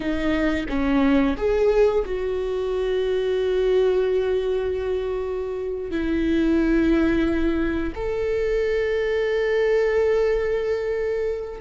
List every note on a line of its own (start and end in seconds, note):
0.00 0.66 D#4
0.69 1.36 C#4
1.37 2.04 G#4
2.05 5.91 F#4
5.91 7.93 E4
7.95 11.60 A4